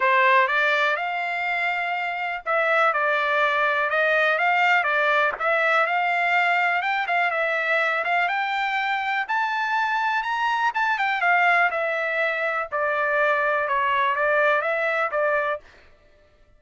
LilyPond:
\new Staff \with { instrumentName = "trumpet" } { \time 4/4 \tempo 4 = 123 c''4 d''4 f''2~ | f''4 e''4 d''2 | dis''4 f''4 d''4 e''4 | f''2 g''8 f''8 e''4~ |
e''8 f''8 g''2 a''4~ | a''4 ais''4 a''8 g''8 f''4 | e''2 d''2 | cis''4 d''4 e''4 d''4 | }